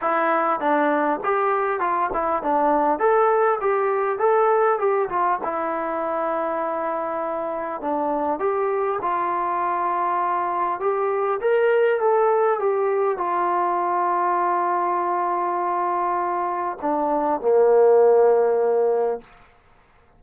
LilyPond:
\new Staff \with { instrumentName = "trombone" } { \time 4/4 \tempo 4 = 100 e'4 d'4 g'4 f'8 e'8 | d'4 a'4 g'4 a'4 | g'8 f'8 e'2.~ | e'4 d'4 g'4 f'4~ |
f'2 g'4 ais'4 | a'4 g'4 f'2~ | f'1 | d'4 ais2. | }